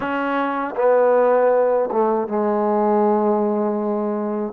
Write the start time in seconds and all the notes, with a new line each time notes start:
0.00 C#4
0.75 B3
1.91 A3
2.28 G#3